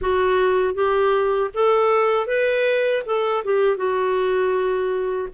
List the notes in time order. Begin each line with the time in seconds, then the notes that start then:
0.01 F#4
0.74 G4
1.54 A4
2.26 B4
3.06 A4
3.44 G4
3.76 F#4